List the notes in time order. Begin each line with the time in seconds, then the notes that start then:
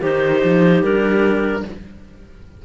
0.00 D#3 D#4 G4 C5
0.44 F3
0.82 G3 D4 A#4